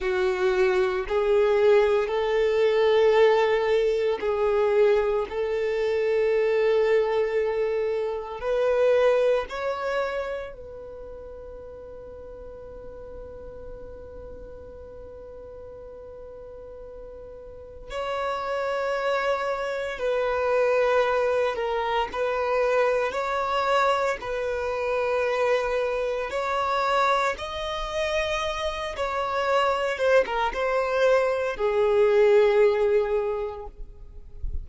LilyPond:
\new Staff \with { instrumentName = "violin" } { \time 4/4 \tempo 4 = 57 fis'4 gis'4 a'2 | gis'4 a'2. | b'4 cis''4 b'2~ | b'1~ |
b'4 cis''2 b'4~ | b'8 ais'8 b'4 cis''4 b'4~ | b'4 cis''4 dis''4. cis''8~ | cis''8 c''16 ais'16 c''4 gis'2 | }